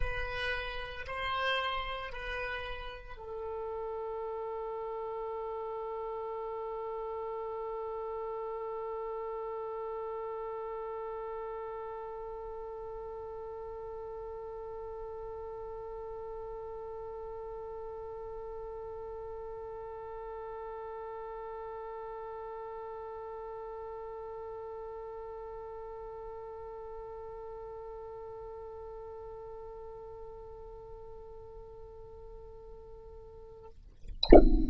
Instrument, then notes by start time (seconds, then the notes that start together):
oboe
0.00 B4
1.07 C5
2.12 B4
3.16 A4